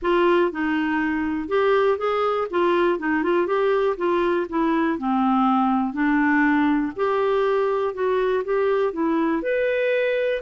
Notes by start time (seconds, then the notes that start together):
0.01 F4
0.51 D#4
1.48 G4
1.98 G#4
2.50 F4
2.99 D#4
3.23 F4
3.46 G4
3.97 F4
4.49 E4
4.98 C4
5.93 D4
6.96 G4
7.94 F#4
8.44 G4
8.92 E4
9.42 B4